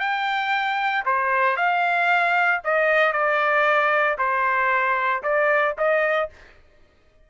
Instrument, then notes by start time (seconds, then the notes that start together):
trumpet
0.00 G5
1.06 C5
1.57 F5
2.64 D#5
3.13 D5
4.19 C5
5.23 D5
5.78 D#5